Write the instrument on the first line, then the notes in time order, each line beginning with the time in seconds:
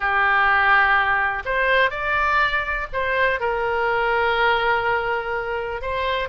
oboe
0.00 G4
1.45 C5
1.90 D5
2.93 C5
3.40 A#4
5.81 C5